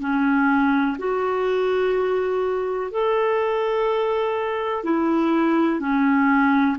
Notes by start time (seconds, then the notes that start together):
0.00 C#4
0.98 F#4
2.91 A4
4.84 E4
5.80 C#4